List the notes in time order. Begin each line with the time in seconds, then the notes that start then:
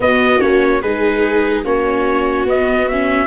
0.00 B3 F#4 D#5
0.39 A#3 C#4 C#5
0.82 G#3 D#4 G#4 B4
1.64 A#3 C#4 F#4 C#5
2.44 B3 D#5
2.88 C#4 E5